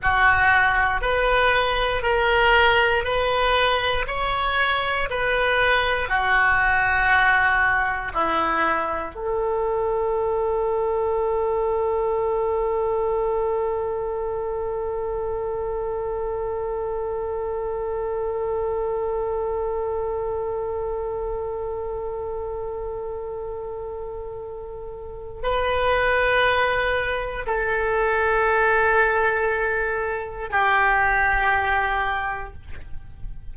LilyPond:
\new Staff \with { instrumentName = "oboe" } { \time 4/4 \tempo 4 = 59 fis'4 b'4 ais'4 b'4 | cis''4 b'4 fis'2 | e'4 a'2.~ | a'1~ |
a'1~ | a'1~ | a'4 b'2 a'4~ | a'2 g'2 | }